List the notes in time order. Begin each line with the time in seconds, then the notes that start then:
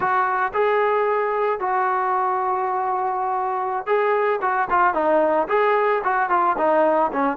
0.00 F#4
0.53 G#4
1.59 F#4
3.86 G#4
4.41 F#4
4.69 F4
4.94 D#4
5.48 G#4
6.04 F#4
6.29 F4
6.57 D#4
7.12 C#4